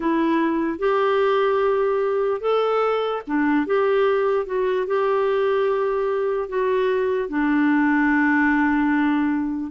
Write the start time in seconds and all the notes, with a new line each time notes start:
0.00 E4
0.79 G4
2.41 A4
3.27 D4
3.66 G4
4.46 F#4
4.86 G4
6.49 F#4
7.28 D4